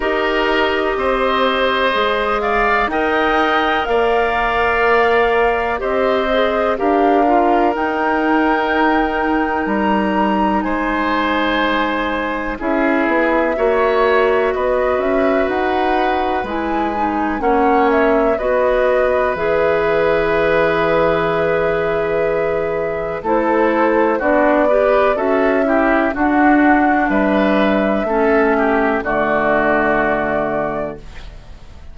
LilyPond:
<<
  \new Staff \with { instrumentName = "flute" } { \time 4/4 \tempo 4 = 62 dis''2~ dis''8 f''8 g''4 | f''2 dis''4 f''4 | g''2 ais''4 gis''4~ | gis''4 e''2 dis''8 e''8 |
fis''4 gis''4 fis''8 e''8 dis''4 | e''1 | c''4 d''4 e''4 fis''4 | e''2 d''2 | }
  \new Staff \with { instrumentName = "oboe" } { \time 4/4 ais'4 c''4. d''8 dis''4 | d''2 c''4 ais'4~ | ais'2. c''4~ | c''4 gis'4 cis''4 b'4~ |
b'2 cis''4 b'4~ | b'1 | a'4 fis'8 b'8 a'8 g'8 fis'4 | b'4 a'8 g'8 fis'2 | }
  \new Staff \with { instrumentName = "clarinet" } { \time 4/4 g'2 gis'4 ais'4~ | ais'2 g'8 gis'8 g'8 f'8 | dis'1~ | dis'4 e'4 fis'2~ |
fis'4 e'8 dis'8 cis'4 fis'4 | gis'1 | e'4 d'8 g'8 fis'8 e'8 d'4~ | d'4 cis'4 a2 | }
  \new Staff \with { instrumentName = "bassoon" } { \time 4/4 dis'4 c'4 gis4 dis'4 | ais2 c'4 d'4 | dis'2 g4 gis4~ | gis4 cis'8 b8 ais4 b8 cis'8 |
dis'4 gis4 ais4 b4 | e1 | a4 b4 cis'4 d'4 | g4 a4 d2 | }
>>